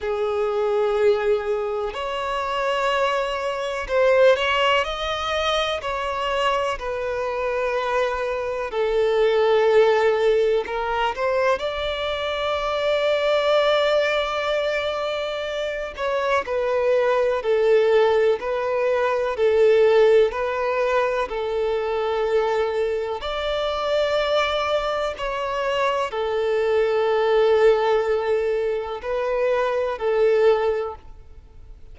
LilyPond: \new Staff \with { instrumentName = "violin" } { \time 4/4 \tempo 4 = 62 gis'2 cis''2 | c''8 cis''8 dis''4 cis''4 b'4~ | b'4 a'2 ais'8 c''8 | d''1~ |
d''8 cis''8 b'4 a'4 b'4 | a'4 b'4 a'2 | d''2 cis''4 a'4~ | a'2 b'4 a'4 | }